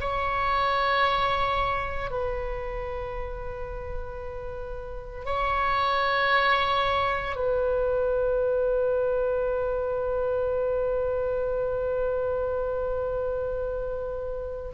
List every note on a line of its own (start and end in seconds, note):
0.00 2.11 C#5
2.11 5.25 B4
5.25 7.36 C#5
7.36 14.73 B4